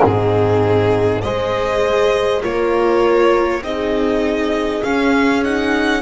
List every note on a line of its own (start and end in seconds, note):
0.00 1.24 G#2
0.00 1.20 C4
0.00 1.23 D#4
0.00 1.22 G#4
1.22 2.44 G#3
1.22 2.42 G#4
1.22 2.43 C5
1.22 2.42 D#5
2.42 3.61 A#3
2.42 3.62 F4
2.42 3.63 A#4
2.42 3.63 C#5
3.61 4.81 C4
3.61 4.83 D#4
3.61 6.02 G#4
3.61 4.83 D#5
4.83 5.44 C#4
4.83 6.02 C#4
4.83 5.43 F5
5.44 6.02 D#4
5.44 6.02 F#5